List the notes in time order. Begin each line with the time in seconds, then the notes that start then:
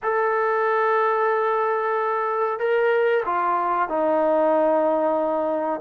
0.02 A4
2.59 A#4
3.25 F4
3.88 D#4